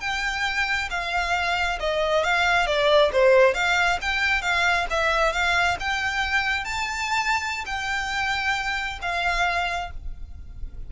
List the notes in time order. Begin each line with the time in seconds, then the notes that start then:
0.00 G5
0.90 F5
1.80 D#5
2.24 F5
2.67 D5
3.12 C5
3.54 F5
4.01 G5
4.42 F5
4.90 E5
5.32 F5
5.80 G5
6.64 A5
7.66 G5
9.02 F5